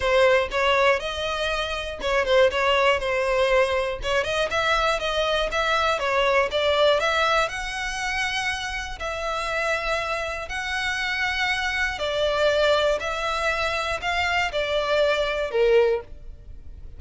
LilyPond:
\new Staff \with { instrumentName = "violin" } { \time 4/4 \tempo 4 = 120 c''4 cis''4 dis''2 | cis''8 c''8 cis''4 c''2 | cis''8 dis''8 e''4 dis''4 e''4 | cis''4 d''4 e''4 fis''4~ |
fis''2 e''2~ | e''4 fis''2. | d''2 e''2 | f''4 d''2 ais'4 | }